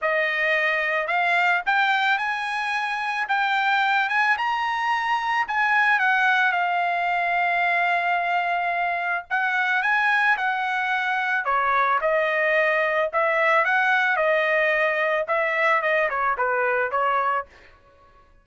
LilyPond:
\new Staff \with { instrumentName = "trumpet" } { \time 4/4 \tempo 4 = 110 dis''2 f''4 g''4 | gis''2 g''4. gis''8 | ais''2 gis''4 fis''4 | f''1~ |
f''4 fis''4 gis''4 fis''4~ | fis''4 cis''4 dis''2 | e''4 fis''4 dis''2 | e''4 dis''8 cis''8 b'4 cis''4 | }